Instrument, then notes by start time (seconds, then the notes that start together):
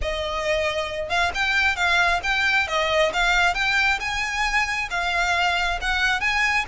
violin
0.01 D#5
1.09 F5
1.34 G5
1.76 F5
2.23 G5
2.67 D#5
3.13 F5
3.54 G5
4.00 G#5
4.90 F5
5.81 F#5
6.20 G#5